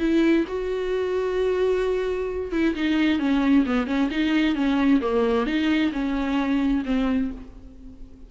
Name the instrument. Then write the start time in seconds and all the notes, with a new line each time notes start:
viola
0.00 E4
0.48 F#4
2.52 E4
2.76 D#4
3.20 C#4
3.67 B3
3.87 C#4
4.11 D#4
4.56 C#4
5.01 A#3
5.47 D#4
5.93 C#4
6.86 C4